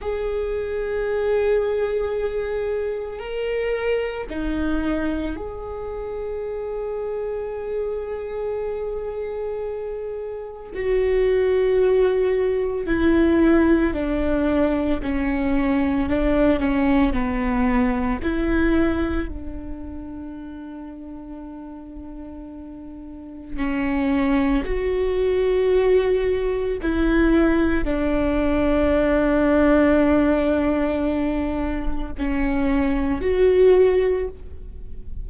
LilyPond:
\new Staff \with { instrumentName = "viola" } { \time 4/4 \tempo 4 = 56 gis'2. ais'4 | dis'4 gis'2.~ | gis'2 fis'2 | e'4 d'4 cis'4 d'8 cis'8 |
b4 e'4 d'2~ | d'2 cis'4 fis'4~ | fis'4 e'4 d'2~ | d'2 cis'4 fis'4 | }